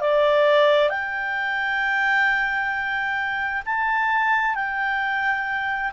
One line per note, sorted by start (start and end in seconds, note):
0.00 0.89 D5
0.89 3.62 G5
3.66 4.55 A5
4.55 5.91 G5